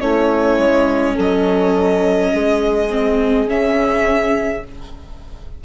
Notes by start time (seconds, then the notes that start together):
0.00 A3 C#4 E4 C#5
0.57 G#3
1.14 F#3 A4 D#5
2.33 G#3 G#4
2.90 C4
3.46 C#3 C#4 E5